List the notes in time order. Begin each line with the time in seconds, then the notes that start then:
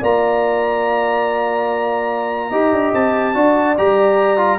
0.00 A#3 F4 D5 A#5
2.49 D#4 G4 D#5
2.72 D4
2.93 C4 A5
3.34 D4 F#4 D5
3.77 G3 G4 A#5
4.37 F4